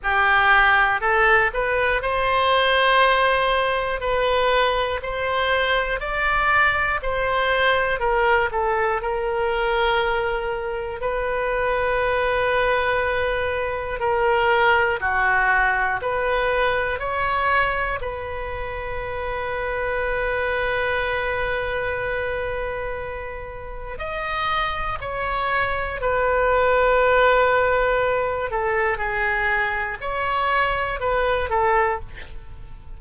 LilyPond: \new Staff \with { instrumentName = "oboe" } { \time 4/4 \tempo 4 = 60 g'4 a'8 b'8 c''2 | b'4 c''4 d''4 c''4 | ais'8 a'8 ais'2 b'4~ | b'2 ais'4 fis'4 |
b'4 cis''4 b'2~ | b'1 | dis''4 cis''4 b'2~ | b'8 a'8 gis'4 cis''4 b'8 a'8 | }